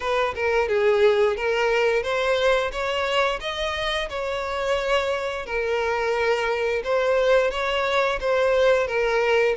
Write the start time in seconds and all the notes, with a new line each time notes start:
0.00 B4
0.35 A#4
0.68 G#4
1.36 A#4
2.03 C5
2.71 C#5
3.40 D#5
4.09 C#5
5.46 A#4
6.84 C5
7.51 C#5
8.20 C5
8.87 A#4